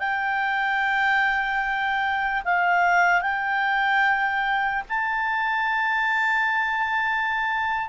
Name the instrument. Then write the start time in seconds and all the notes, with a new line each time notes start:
clarinet
0.00 G5
2.45 F5
3.22 G5
4.89 A5